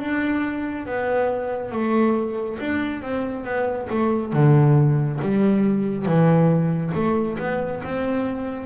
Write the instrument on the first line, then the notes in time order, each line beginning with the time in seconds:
double bass
0.00 D4
0.87 B3
1.72 A3
2.60 D4
3.02 C4
3.45 B3
3.90 A3
4.33 D3
5.22 G3
6.06 E3
6.95 A3
7.40 B3
7.84 C4